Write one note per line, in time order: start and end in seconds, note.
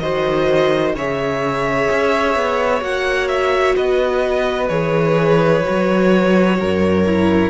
0.00 0.95 D#3
0.00 0.97 F#4
0.00 0.96 C5
0.00 0.94 D#5
0.95 1.89 C#3
0.95 2.81 G#4
0.95 3.77 C#5
0.95 2.84 E5
1.91 2.36 C#4
2.36 2.82 B3
2.81 3.76 A#3
2.81 4.68 F#4
2.81 3.29 F#5
3.29 3.75 E5
3.77 4.70 B3
3.77 6.58 B4
3.77 4.69 D#5
4.69 5.64 E3
4.69 5.63 G#4
4.69 7.50 C#5
5.64 6.61 F#3
5.64 7.05 F#4
6.60 7.51 F#2
6.60 7.51 A#4
7.07 7.51 E4